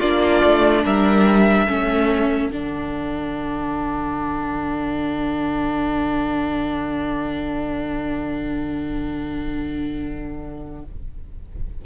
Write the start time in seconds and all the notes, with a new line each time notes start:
0.00 A#3 D4 F4 D5
0.43 A3
0.84 G3 A#4 E5
1.67 A3 C#4 A4
2.49 D3 D4 F#5